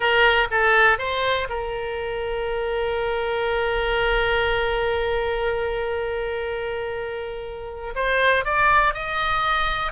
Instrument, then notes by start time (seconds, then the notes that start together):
oboe
0.00 A#4
0.50 A4
0.98 C5
1.49 A#4
7.95 C5
8.44 D5
8.94 D#5